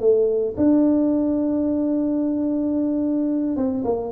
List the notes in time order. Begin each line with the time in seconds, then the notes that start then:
0.00 A3
0.57 D4
3.56 C4
3.85 A#3